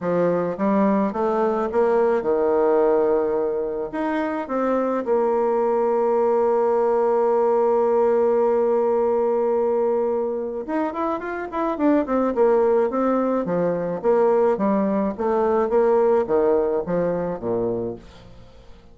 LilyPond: \new Staff \with { instrumentName = "bassoon" } { \time 4/4 \tempo 4 = 107 f4 g4 a4 ais4 | dis2. dis'4 | c'4 ais2.~ | ais1~ |
ais2. dis'8 e'8 | f'8 e'8 d'8 c'8 ais4 c'4 | f4 ais4 g4 a4 | ais4 dis4 f4 ais,4 | }